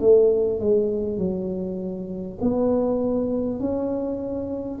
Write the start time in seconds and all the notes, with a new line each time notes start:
0.00 A3
0.59 G#3
1.17 F#3
2.40 B3
3.59 C#4